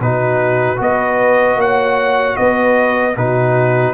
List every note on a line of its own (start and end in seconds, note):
0.00 0.79 B2
0.00 0.76 D#4
0.00 0.80 F#4
0.00 0.80 B4
0.76 1.56 B3
0.76 3.13 F#4
0.76 1.59 B4
0.76 1.61 D#5
1.56 2.35 A#3
1.56 2.38 C#5
1.56 2.37 F#5
2.37 3.17 B3
2.37 3.17 B4
2.37 3.15 D#5
3.17 3.94 B2
3.17 3.94 D#4
3.17 3.94 F#4
3.17 3.94 B4